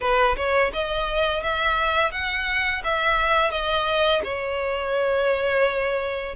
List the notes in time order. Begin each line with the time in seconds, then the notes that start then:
0.00 B4
0.36 C#5
0.73 D#5
1.43 E5
2.11 F#5
2.84 E5
3.50 D#5
4.24 C#5